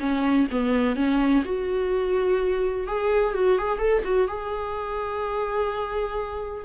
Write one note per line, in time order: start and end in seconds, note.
0.00 0.48 C#4
0.51 0.96 B3
0.96 1.44 C#4
1.45 2.87 F#4
2.87 3.34 G#4
3.34 3.58 F#4
3.58 3.79 G#4
3.79 4.03 A4
4.05 4.28 F#4
4.28 6.65 G#4